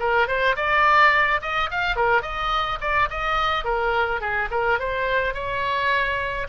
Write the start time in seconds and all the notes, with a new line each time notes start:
0.00 A#4
0.28 C5
0.56 D5
1.42 D#5
1.71 F5
1.97 A#4
2.22 D#5
2.81 D5
3.10 D#5
3.65 A#4
4.21 G#4
4.51 A#4
4.80 C5
5.34 C#5